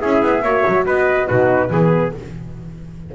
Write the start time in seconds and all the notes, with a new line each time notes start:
0.00 C#4 E4 G#4 E5
0.22 B3
0.42 A#3 F#4 C#5
0.67 F#3
0.85 B3 B4 D#5
1.27 B2 D#4 F#4 B4
1.70 E3 B3 G#4